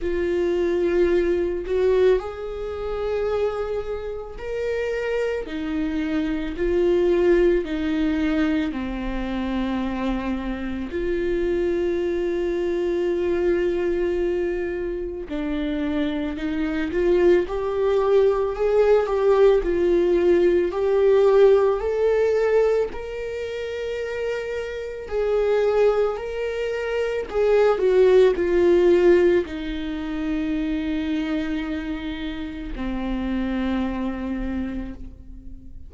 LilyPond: \new Staff \with { instrumentName = "viola" } { \time 4/4 \tempo 4 = 55 f'4. fis'8 gis'2 | ais'4 dis'4 f'4 dis'4 | c'2 f'2~ | f'2 d'4 dis'8 f'8 |
g'4 gis'8 g'8 f'4 g'4 | a'4 ais'2 gis'4 | ais'4 gis'8 fis'8 f'4 dis'4~ | dis'2 c'2 | }